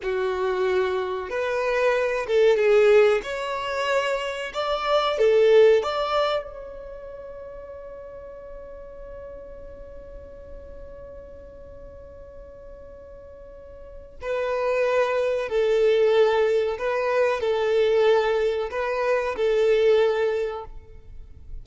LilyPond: \new Staff \with { instrumentName = "violin" } { \time 4/4 \tempo 4 = 93 fis'2 b'4. a'8 | gis'4 cis''2 d''4 | a'4 d''4 cis''2~ | cis''1~ |
cis''1~ | cis''2 b'2 | a'2 b'4 a'4~ | a'4 b'4 a'2 | }